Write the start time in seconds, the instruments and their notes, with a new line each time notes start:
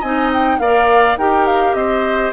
0.00 bassoon C4, clarinet D#4, oboe D#5, flute G#5
0.34 flute G5
0.59 bassoon A#3, clarinet A#4, oboe D5, flute F5
1.17 bassoon D#4, clarinet G4, oboe A#4, flute G5
1.47 flute F5
1.74 bassoon C4, oboe C5, flute D#5